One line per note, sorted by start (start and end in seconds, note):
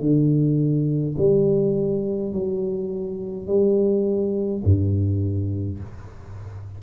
0.00 1.15 D3
1.17 2.32 G3
2.32 3.47 F#3
3.47 4.63 G3
4.64 5.79 G2